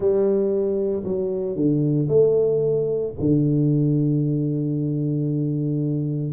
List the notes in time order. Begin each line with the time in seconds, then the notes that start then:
0.00 G3
1.03 F#3
1.55 D3
2.08 A3
3.19 D3